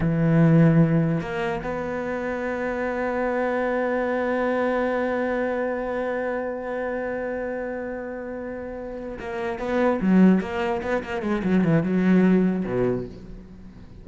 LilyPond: \new Staff \with { instrumentName = "cello" } { \time 4/4 \tempo 4 = 147 e2. ais4 | b1~ | b1~ | b1~ |
b1~ | b2~ b8 ais4 b8~ | b8 fis4 ais4 b8 ais8 gis8 | fis8 e8 fis2 b,4 | }